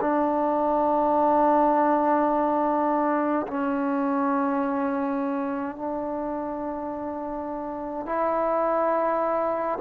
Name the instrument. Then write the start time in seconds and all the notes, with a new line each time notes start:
trombone
0.00 D4
3.47 C#4
5.75 D4
8.05 E4